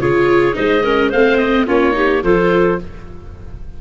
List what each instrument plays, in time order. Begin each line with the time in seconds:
0.00 tuba C#3, viola F4, clarinet G#4, oboe C#5
0.54 tuba G#3, viola D#4, clarinet C5, oboe D#5
0.84 viola C#4, clarinet A#4
1.10 tuba A3, viola C4, clarinet C5, oboe F5
1.38 oboe D#5
1.66 tuba A#3, viola C#4, clarinet F4, oboe C#5
1.92 viola D#4, clarinet G4
2.23 tuba F3, viola F4, clarinet A4, oboe C5